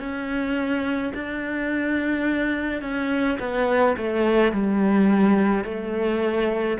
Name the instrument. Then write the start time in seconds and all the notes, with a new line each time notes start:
cello
0.00 C#4
1.14 D4
2.82 C#4
3.40 B3
3.98 A3
4.52 G3
5.64 A3